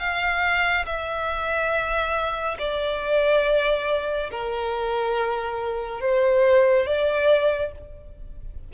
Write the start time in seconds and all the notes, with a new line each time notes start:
0.00 F5
0.86 E5
2.59 D5
4.31 A#4
6.01 C5
6.86 D5